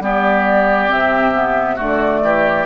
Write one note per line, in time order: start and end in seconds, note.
0.00 0.88 G3
0.00 0.90 B3
0.00 1.76 G4
0.00 0.91 D5
0.90 1.80 C3
0.90 1.34 C4
0.90 1.80 E5
1.35 1.78 B3
1.76 2.23 D3
1.76 2.66 A3
1.76 2.20 F#4
1.76 2.66 D5
2.23 2.66 E3
2.23 2.66 G4